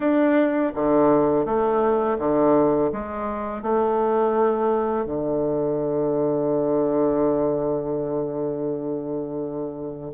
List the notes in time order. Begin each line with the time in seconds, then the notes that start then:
0.00 D4
0.74 D3
1.45 A3
2.19 D3
2.92 G#3
3.62 A3
5.05 D3